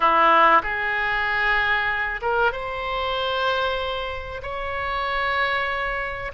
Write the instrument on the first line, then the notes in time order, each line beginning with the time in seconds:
oboe
0.00 E4
0.63 G#4
2.21 A#4
2.52 C5
4.42 C#5